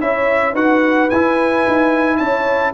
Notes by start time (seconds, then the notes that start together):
0.00 C#4 E4 C#5 E5
0.53 D#4 F#4 B4 F#5
1.10 E4 G#5
1.67 D#4
2.17 C#4 C#5 A5